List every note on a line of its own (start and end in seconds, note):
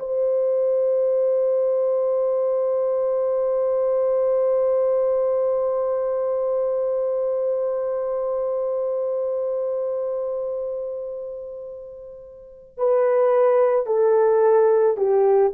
0.00 12.78 C5
12.78 13.87 B4
13.87 14.97 A4
14.97 15.53 G4